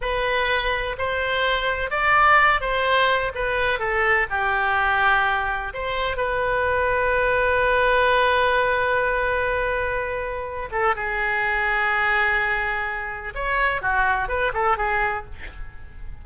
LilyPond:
\new Staff \with { instrumentName = "oboe" } { \time 4/4 \tempo 4 = 126 b'2 c''2 | d''4. c''4. b'4 | a'4 g'2. | c''4 b'2.~ |
b'1~ | b'2~ b'8 a'8 gis'4~ | gis'1 | cis''4 fis'4 b'8 a'8 gis'4 | }